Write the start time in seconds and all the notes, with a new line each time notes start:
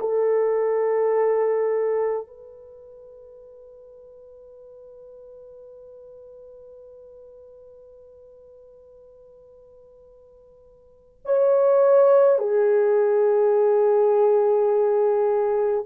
0.00 A4
2.27 B4
11.25 C#5
12.39 G#4